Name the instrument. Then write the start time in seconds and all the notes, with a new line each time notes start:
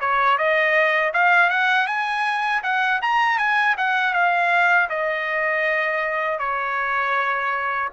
trumpet
0.00 C#5
0.38 D#5
1.13 F5
1.50 F#5
1.87 G#5
2.63 F#5
3.02 A#5
3.38 G#5
3.77 F#5
4.13 F5
4.89 D#5
6.39 C#5